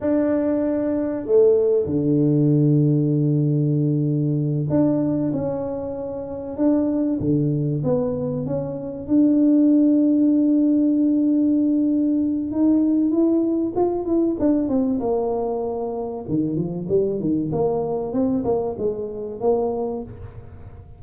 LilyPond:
\new Staff \with { instrumentName = "tuba" } { \time 4/4 \tempo 4 = 96 d'2 a4 d4~ | d2.~ d8 d'8~ | d'8 cis'2 d'4 d8~ | d8 b4 cis'4 d'4.~ |
d'1 | dis'4 e'4 f'8 e'8 d'8 c'8 | ais2 dis8 f8 g8 dis8 | ais4 c'8 ais8 gis4 ais4 | }